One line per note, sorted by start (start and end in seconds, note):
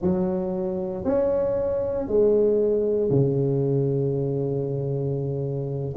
0.01 1.04 F#3
1.04 2.07 C#4
2.07 3.09 G#3
3.09 5.94 C#3